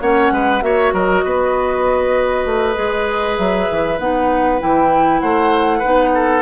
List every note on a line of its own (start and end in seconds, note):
0.00 0.31 A#3
0.00 0.61 C#4
0.00 0.33 C#5
0.00 0.62 F#5
0.31 0.62 G#3
0.31 0.64 B4
0.61 0.93 A#3
0.61 2.75 F#4
0.61 0.94 C#5
0.61 0.93 E5
0.93 1.24 F#3
0.93 1.24 A#4
0.93 3.37 D#5
1.25 2.45 B3
1.25 5.21 B4
2.45 2.76 A3
2.75 3.38 G#3
2.75 3.97 G#4
3.37 3.69 F#3
3.37 3.99 E5
3.70 3.99 E3
3.99 4.60 B3
3.99 4.60 D#4
3.99 4.60 F#5
4.60 5.22 E3
4.60 5.82 E4
4.60 5.20 G5
5.20 5.83 A3
5.20 5.79 C5
5.20 6.42 F#5
5.79 6.42 D#4
5.79 6.09 B4
5.85 6.42 B3
6.14 6.42 A4